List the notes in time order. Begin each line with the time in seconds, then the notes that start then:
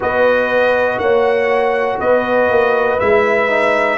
0.00 B3 F#4 B4 D#5
0.98 A#3 C#5 F#5
1.99 B3 B4 D#5
2.50 A#3
2.99 G#3 E4 E5
3.49 D#4